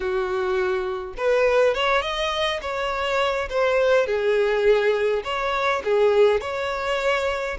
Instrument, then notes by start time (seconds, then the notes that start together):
violin
0.00 F#4
1.17 B4
1.74 C#5
2.01 D#5
2.61 C#5
3.49 C5
4.06 G#4
5.24 C#5
5.84 G#4
6.41 C#5